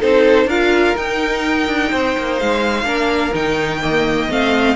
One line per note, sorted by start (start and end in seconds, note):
0.00 0.45 C4
0.00 0.48 D#4
0.00 0.47 A4
0.00 0.49 C5
0.45 0.93 D4
0.45 0.96 F4
0.45 1.89 A#4
0.45 0.97 F5
0.96 2.84 D#4
0.96 1.67 D#4
0.96 2.39 G5
1.67 1.91 D4
1.90 2.16 C4
1.90 2.86 C5
2.18 2.41 A#3
2.39 2.83 G#3
2.39 3.34 F5
2.83 3.31 A#3
2.83 3.32 D4
2.83 3.82 A#4
3.33 4.29 D#3
3.33 3.80 D#4
3.33 4.31 G5
3.80 4.28 A#3
3.80 4.75 D#5
4.29 4.75 A3
4.29 4.75 C4
4.29 4.75 F5